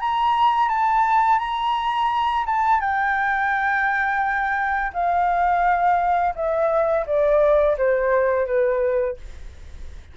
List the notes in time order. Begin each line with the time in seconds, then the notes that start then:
0.00 A#5
0.68 A5
1.39 A#5
2.46 A5
2.80 G5
4.93 F5
6.35 E5
7.06 D5
7.77 C5
8.46 B4